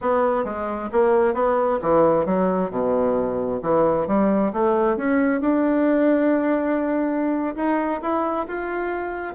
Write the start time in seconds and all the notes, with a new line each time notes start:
0.01 B3
0.44 G#3
0.91 A#3
1.34 B3
1.81 E3
2.25 F#3
2.70 B2
3.62 E3
4.07 G3
4.52 A3
4.96 C#4
5.41 D4
7.55 D#4
8.01 E4
8.47 F4